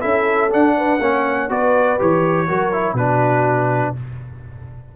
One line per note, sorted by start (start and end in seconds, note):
0.00 0.53 C#4
0.00 0.49 E4
0.00 0.74 A4
0.00 0.50 E5
0.50 0.99 D4
0.50 1.00 D4
0.50 1.50 F#5
0.76 1.01 B4
1.00 1.49 A#3
1.00 1.49 C#4
1.00 1.50 C#5
1.49 1.99 B3
1.49 1.98 F#4
1.49 2.47 B4
1.49 1.99 D5
1.98 2.50 E3
1.98 2.47 G4
1.98 2.96 C#5
2.47 2.93 F#3
2.47 2.72 F#4
2.47 2.95 A#4
2.72 2.97 E4
2.93 3.92 B2
2.93 3.96 D4
2.93 3.93 F#4
2.93 3.94 B4